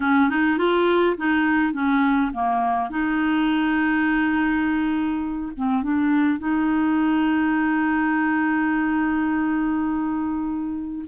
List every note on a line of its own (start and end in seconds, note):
0.00 0.29 C#4
0.29 0.58 D#4
0.58 1.16 F4
1.17 1.73 D#4
1.73 2.31 C#4
2.33 2.90 A#3
2.90 5.52 D#4
5.57 5.82 C4
5.82 6.38 D4
6.38 11.04 D#4